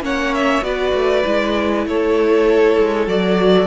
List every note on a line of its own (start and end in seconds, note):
0.00 0.61 A#3
0.00 0.62 C#4
0.00 0.66 C#5
0.00 0.34 F#5
0.34 0.63 E5
0.62 0.92 B3
0.62 1.23 F#4
0.62 1.87 B4
0.62 1.86 D5
0.93 1.23 A3
1.25 1.86 G#3
1.25 3.07 E4
1.86 2.77 A3
1.86 3.67 A4
1.86 3.09 C#5
2.78 3.07 G#3
3.07 3.67 F#3
3.07 3.67 F#4
3.07 3.67 D5